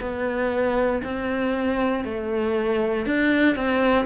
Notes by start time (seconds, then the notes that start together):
0.00 B3
1.03 C4
2.04 A3
3.06 D4
3.55 C4